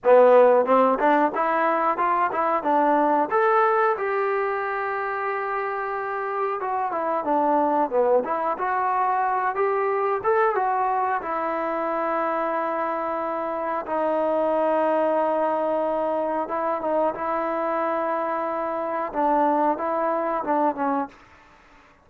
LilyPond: \new Staff \with { instrumentName = "trombone" } { \time 4/4 \tempo 4 = 91 b4 c'8 d'8 e'4 f'8 e'8 | d'4 a'4 g'2~ | g'2 fis'8 e'8 d'4 | b8 e'8 fis'4. g'4 a'8 |
fis'4 e'2.~ | e'4 dis'2.~ | dis'4 e'8 dis'8 e'2~ | e'4 d'4 e'4 d'8 cis'8 | }